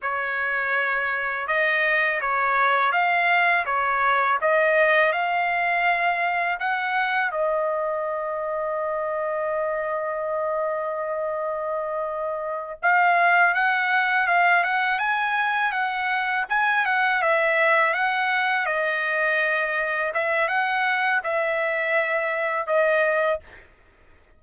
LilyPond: \new Staff \with { instrumentName = "trumpet" } { \time 4/4 \tempo 4 = 82 cis''2 dis''4 cis''4 | f''4 cis''4 dis''4 f''4~ | f''4 fis''4 dis''2~ | dis''1~ |
dis''4. f''4 fis''4 f''8 | fis''8 gis''4 fis''4 gis''8 fis''8 e''8~ | e''8 fis''4 dis''2 e''8 | fis''4 e''2 dis''4 | }